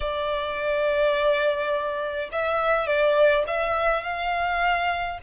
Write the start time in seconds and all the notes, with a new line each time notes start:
0.00 D5
2.32 E5
2.86 D5
3.47 E5
4.03 F5